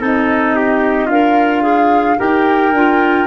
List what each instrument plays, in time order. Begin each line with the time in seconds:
0.00 tuba C4, clarinet D#4, trumpet A4, flute D#5
0.56 trumpet G4
1.06 tuba D4, trumpet F4, clarinet A#4, flute F5
1.63 clarinet G#4
2.18 tuba D#4, clarinet G4, trumpet A#4, flute G5
2.71 tuba D4, clarinet F4